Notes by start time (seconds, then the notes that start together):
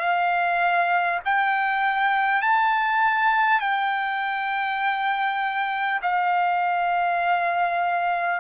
0.00 F5
1.25 G5
2.42 A5
3.61 G5
6.02 F5